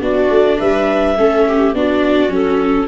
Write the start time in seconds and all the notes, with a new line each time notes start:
0.00 B3 D4 F#4 D5
0.29 A3
0.57 G3 B4 E5
1.16 A3 C#4 A4
1.47 G4
1.73 B3 D4 F#4 D5
2.28 F#3 C#4 A4